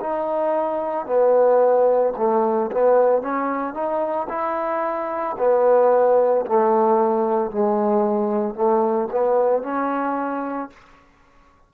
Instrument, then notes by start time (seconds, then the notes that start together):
trombone
0.00 D#4
1.06 B3
2.17 A3
2.71 B3
3.22 C#4
3.74 D#4
4.29 E4
5.38 B3
6.46 A3
7.51 G#3
8.55 A3
9.11 B3
9.62 C#4